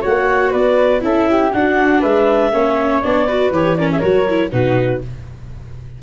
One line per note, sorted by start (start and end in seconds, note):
0.00 0.53 A#3
0.00 1.00 F#4
0.00 0.51 C#5
0.00 0.51 F#5
0.51 1.02 B3
0.51 1.01 B4
0.51 1.01 D5
1.00 1.52 C#4
1.00 1.50 E4
1.00 1.29 A4
1.00 1.52 E5
1.29 1.53 G4
1.52 2.03 D4
1.52 2.52 D4
1.52 2.00 F#4
1.52 2.01 F#5
2.00 2.51 G#3
2.00 2.50 B4
2.00 3.01 E5
2.51 3.01 A#3
2.51 3.02 C#4
2.51 3.27 C#5
3.01 3.50 B3
3.01 3.27 D4
3.01 3.51 D5
3.27 3.53 F#4
3.27 3.77 B4
3.50 4.00 E3
3.50 3.78 G4
3.50 3.76 C#5
3.76 4.01 C#4
3.76 3.90 A#4
3.76 3.89 D5
3.91 3.99 G#4
3.91 3.99 E5
3.99 4.52 F#3
3.99 4.26 F#4
3.99 4.49 A#4
3.99 4.49 C#5
4.29 4.51 E4
4.51 5.02 B2
4.51 5.01 D#4
4.51 5.01 F#4
4.51 5.01 B4